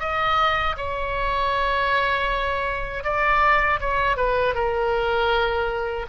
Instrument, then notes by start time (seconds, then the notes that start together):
oboe
0.00 D#5
0.77 C#5
3.04 D5
3.80 C#5
4.17 B4
4.55 A#4